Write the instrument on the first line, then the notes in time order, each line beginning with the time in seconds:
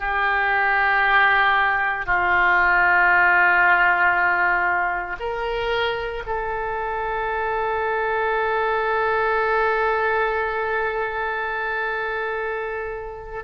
oboe
0.00 G4
2.06 F4
5.20 A#4
6.27 A4